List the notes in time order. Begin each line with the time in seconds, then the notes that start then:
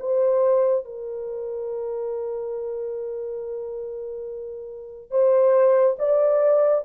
0.00 C5
0.85 A#4
5.11 C5
5.99 D5